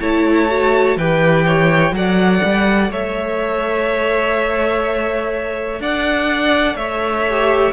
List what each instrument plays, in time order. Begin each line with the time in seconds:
0.00 cello A3, viola E4, violin C#5 A5
0.50 viola F#4
0.96 cello E3, viola G4, violin B4 G5
1.46 violin C#5
1.92 cello F#3, viola A4, violin D5 F#5
2.44 cello G3
2.90 cello A3, violin C#5 E5
5.80 cello D4, violin D5 F#5
6.75 cello A3, violin C#5 E5
7.30 viola G4